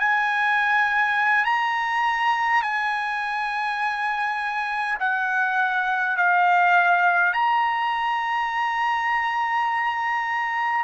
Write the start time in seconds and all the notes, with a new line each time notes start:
0.00 G#5
1.45 A#5
2.63 G#5
5.00 F#5
6.17 F5
7.34 A#5